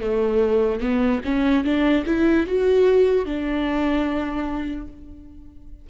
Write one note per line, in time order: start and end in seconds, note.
0.00 0.80 A3
0.80 1.21 B3
1.24 1.64 C#4
1.64 2.04 D4
2.06 2.46 E4
2.47 3.25 F#4
3.25 4.87 D4